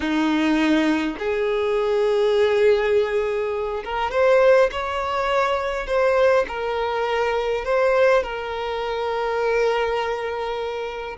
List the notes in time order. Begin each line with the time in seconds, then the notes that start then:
0.00 D#4
1.18 G#4
3.84 A#4
4.11 C5
4.71 C#5
5.86 C5
6.48 A#4
7.64 C5
8.23 A#4